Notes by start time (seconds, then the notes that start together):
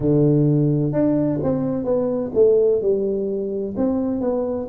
0.00 D3
0.92 D4
1.42 C4
1.84 B3
2.34 A3
2.81 G3
3.77 C4
4.21 B3